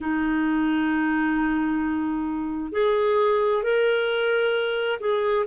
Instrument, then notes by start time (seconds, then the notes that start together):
clarinet
0.00 D#4
2.72 G#4
3.63 A#4
5.00 G#4